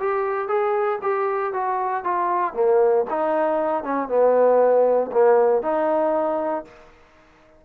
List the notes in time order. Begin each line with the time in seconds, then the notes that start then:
0.00 G4
0.48 G#4
1.02 G4
1.53 F#4
2.04 F4
2.54 A#3
3.10 D#4
3.84 C#4
4.09 B3
5.12 A#3
5.63 D#4